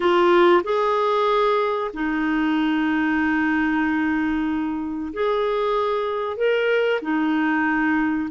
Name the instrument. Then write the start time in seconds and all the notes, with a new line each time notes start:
clarinet
0.00 F4
0.63 G#4
1.93 D#4
5.13 G#4
6.36 A#4
7.01 D#4